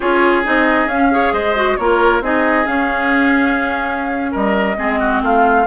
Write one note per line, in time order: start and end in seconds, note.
0.00 0.46 C#4
0.00 0.44 F4
0.00 1.06 G#4
0.00 0.43 C#5
0.44 0.86 C4
0.44 0.89 D#4
0.44 0.88 D#5
0.86 1.30 C#4
0.86 1.11 C#4
0.86 1.33 F5
1.11 1.55 G#4
1.11 1.33 C#5
1.32 1.76 G#3
1.32 1.77 C5
1.32 1.76 D#5
1.55 1.78 F#4
1.76 2.21 A#3
1.76 2.22 F4
1.76 2.23 A#4
1.76 2.21 C#5
2.21 2.65 C4
2.21 2.65 D#4
2.21 4.31 G#4
2.21 2.66 D#5
2.65 4.76 C#4
2.65 4.33 C#4
2.65 4.33 F5
4.31 4.77 G3
4.31 4.75 A#4
4.31 5.22 D#5
4.77 5.21 G#3
4.77 5.66 C4
4.77 4.99 G#4
4.99 5.21 F#4
5.22 5.66 A3
5.22 5.67 F4
5.22 5.67 F5